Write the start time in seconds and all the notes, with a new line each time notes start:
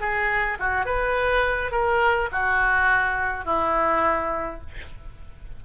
0.00 G#4
0.59 F#4
0.85 B4
1.71 A#4
2.32 F#4
3.45 E4